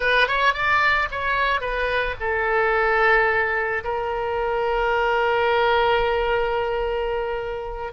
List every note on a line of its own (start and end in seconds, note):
0.00 0.27 B4
0.27 0.53 C#5
0.53 1.08 D5
1.11 1.60 C#5
1.60 2.15 B4
2.20 3.83 A4
3.84 7.92 A#4